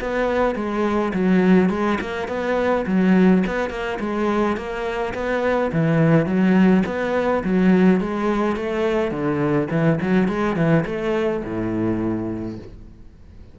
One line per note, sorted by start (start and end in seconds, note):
0.00 0.55 B3
0.55 1.12 G#3
1.13 1.69 F#3
1.69 1.98 G#3
2.01 2.28 A#3
2.28 2.85 B3
2.86 3.43 F#3
3.46 3.70 B3
3.70 3.98 A#3
3.99 4.56 G#3
4.56 5.14 A#3
5.14 5.71 B3
5.72 6.26 E3
6.26 6.83 F#3
6.85 7.43 B3
7.44 8.00 F#3
8.00 8.56 G#3
8.56 9.11 A3
9.11 9.68 D3
9.70 9.99 E3
10.01 10.28 F#3
10.28 10.56 G#3
10.56 10.84 E3
10.85 11.42 A3
11.44 12.58 A2